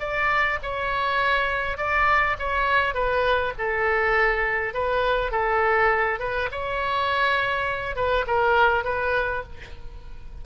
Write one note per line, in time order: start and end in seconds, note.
0.00 0.59 D5
0.63 1.78 C#5
1.78 2.37 D5
2.40 2.95 C#5
2.95 3.53 B4
3.59 4.74 A4
4.74 5.32 B4
5.32 6.20 A4
6.20 6.49 B4
6.52 7.96 C#5
7.96 8.25 B4
8.27 8.85 A#4
8.85 9.44 B4